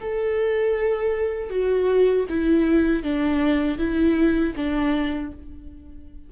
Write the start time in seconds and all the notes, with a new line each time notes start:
0.00 A4
1.50 F#4
2.29 E4
3.03 D4
3.78 E4
4.56 D4